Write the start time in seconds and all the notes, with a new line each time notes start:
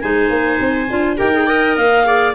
0.00 G#3 D#4 C5 G#5
0.29 A#3
0.60 C4
0.89 D4 F4
1.16 D#4 G4 A#4 G5
1.33 G#4
1.46 A#4 D#5
1.76 A#3 F5
2.04 G#4 D5